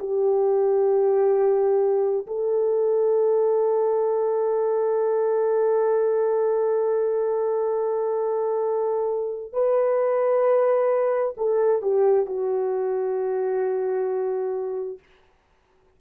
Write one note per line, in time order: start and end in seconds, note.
0.00 2.27 G4
2.27 9.53 A4
9.53 11.35 B4
11.38 11.82 A4
11.82 12.27 G4
12.27 15.00 F#4